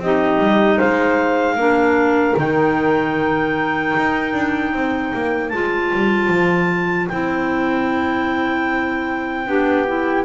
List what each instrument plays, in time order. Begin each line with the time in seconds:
0.00 double bass C4, clarinet D#4 D#5, saxophone G4
0.39 double bass G3
0.77 double bass G#3, saxophone C5, clarinet F5
1.56 double bass A#3, clarinet D4, saxophone A#4
2.37 double bass D#3, clarinet D#4 G5
3.97 double bass D#4
4.34 double bass D4
4.73 double bass C4, saxophone C5
5.14 double bass A#3
5.50 double bass G#3, clarinet F4 A5
5.94 double bass G3
6.28 double bass F3
7.08 double bass C4, clarinet E4 G5
9.47 double bass B3, clarinet D4, saxophone G4
9.87 clarinet E4